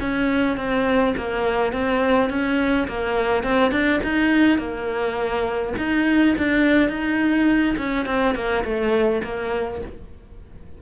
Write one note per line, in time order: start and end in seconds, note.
0.00 0.57 C#4
0.57 1.14 C4
1.17 1.72 A#3
1.72 2.29 C4
2.29 2.87 C#4
2.87 3.43 A#3
3.43 3.71 C4
3.71 4.00 D4
4.03 4.58 D#4
4.58 5.73 A#3
5.77 6.35 D#4
6.37 6.89 D4
6.89 7.75 D#4
7.77 8.06 C#4
8.06 8.34 C4
8.35 8.64 A#3
8.64 9.22 A3
9.23 9.81 A#3